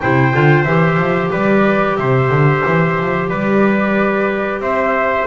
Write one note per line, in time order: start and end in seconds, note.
0.00 0.34 C3
0.00 0.32 E4
0.00 1.31 C5
0.00 0.63 G5
0.32 0.65 D3
0.32 0.65 F4
0.63 0.97 E3
0.63 5.27 G4
0.63 1.29 E5
0.97 1.30 F3
1.31 1.98 G3
1.31 1.97 B4
1.31 1.96 D5
1.96 2.30 C3
1.96 3.29 C5
1.96 3.28 E5
2.30 2.63 D3
2.66 2.99 E3
2.99 3.30 F3
3.29 4.59 G3
3.29 4.61 B4
3.29 4.61 D5
4.59 5.25 C4
4.59 5.27 C5
4.59 5.27 E5